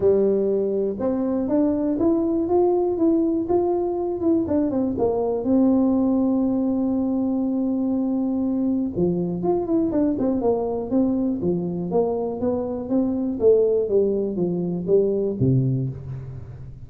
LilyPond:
\new Staff \with { instrumentName = "tuba" } { \time 4/4 \tempo 4 = 121 g2 c'4 d'4 | e'4 f'4 e'4 f'4~ | f'8 e'8 d'8 c'8 ais4 c'4~ | c'1~ |
c'2 f4 f'8 e'8 | d'8 c'8 ais4 c'4 f4 | ais4 b4 c'4 a4 | g4 f4 g4 c4 | }